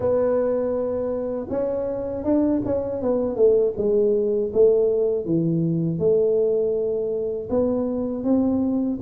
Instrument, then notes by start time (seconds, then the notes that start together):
tuba
0.00 B3
1.49 C#4
2.23 D4
2.65 C#4
3.01 B3
3.35 A3
3.77 G#3
4.53 A3
5.25 E3
5.98 A3
7.49 B3
8.23 C4